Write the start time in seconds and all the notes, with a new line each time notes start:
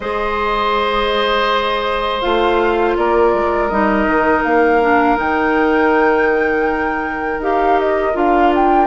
0.00 G#3 G#4 C5 D#5
2.21 A3 F4 F5
2.96 A#3 A#4 D5
3.33 G#3
3.68 G3 D#4 D#5
4.06 D#3
4.43 A#3 F5
4.82 D4
5.15 D#3 D#4 G5
7.38 D#4 G4 F5
7.79 D#5
8.13 D4 F4 F5
8.55 G5